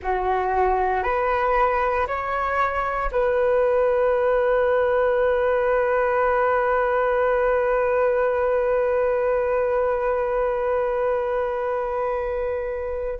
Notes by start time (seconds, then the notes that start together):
0.02 F#4
1.03 B4
2.07 C#5
3.11 B4